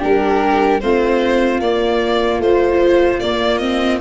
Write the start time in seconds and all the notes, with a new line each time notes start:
0.00 G3 D4 G4 A#4
0.80 A3 C4 F4 C5
1.60 A#3 D5
2.39 F3 A3 C5
3.20 A#3 D5
3.58 C4 D#5